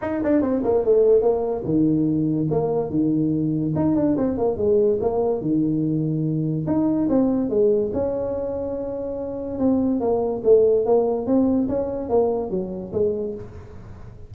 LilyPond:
\new Staff \with { instrumentName = "tuba" } { \time 4/4 \tempo 4 = 144 dis'8 d'8 c'8 ais8 a4 ais4 | dis2 ais4 dis4~ | dis4 dis'8 d'8 c'8 ais8 gis4 | ais4 dis2. |
dis'4 c'4 gis4 cis'4~ | cis'2. c'4 | ais4 a4 ais4 c'4 | cis'4 ais4 fis4 gis4 | }